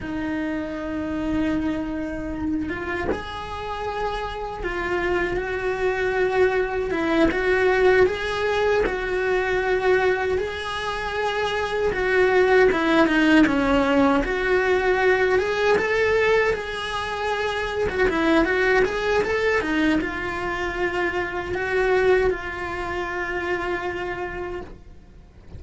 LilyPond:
\new Staff \with { instrumentName = "cello" } { \time 4/4 \tempo 4 = 78 dis'2.~ dis'8 f'8 | gis'2 f'4 fis'4~ | fis'4 e'8 fis'4 gis'4 fis'8~ | fis'4. gis'2 fis'8~ |
fis'8 e'8 dis'8 cis'4 fis'4. | gis'8 a'4 gis'4.~ gis'16 fis'16 e'8 | fis'8 gis'8 a'8 dis'8 f'2 | fis'4 f'2. | }